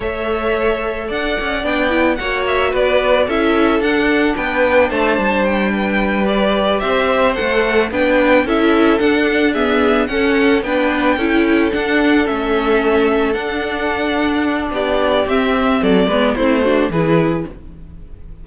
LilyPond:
<<
  \new Staff \with { instrumentName = "violin" } { \time 4/4 \tempo 4 = 110 e''2 fis''4 g''4 | fis''8 e''8 d''4 e''4 fis''4 | g''4 a''4 g''4. d''8~ | d''8 e''4 fis''4 g''4 e''8~ |
e''8 fis''4 e''4 fis''4 g''8~ | g''4. fis''4 e''4.~ | e''8 fis''2~ fis''8 d''4 | e''4 d''4 c''4 b'4 | }
  \new Staff \with { instrumentName = "violin" } { \time 4/4 cis''2 d''2 | cis''4 b'4 a'2 | b'4 c''4. b'4.~ | b'8 c''2 b'4 a'8~ |
a'4. gis'4 a'4 b'8~ | b'8 a'2.~ a'8~ | a'2. g'4~ | g'4 a'8 b'8 e'8 fis'8 gis'4 | }
  \new Staff \with { instrumentName = "viola" } { \time 4/4 a'2. d'8 e'8 | fis'2 e'4 d'4~ | d'2.~ d'8 g'8~ | g'4. a'4 d'4 e'8~ |
e'8 d'4 b4 cis'4 d'8~ | d'8 e'4 d'4 cis'4.~ | cis'8 d'2.~ d'8 | c'4. b8 c'8 d'8 e'4 | }
  \new Staff \with { instrumentName = "cello" } { \time 4/4 a2 d'8 cis'8 b4 | ais4 b4 cis'4 d'4 | b4 a8 g2~ g8~ | g8 c'4 a4 b4 cis'8~ |
cis'8 d'2 cis'4 b8~ | b8 cis'4 d'4 a4.~ | a8 d'2~ d'8 b4 | c'4 fis8 gis8 a4 e4 | }
>>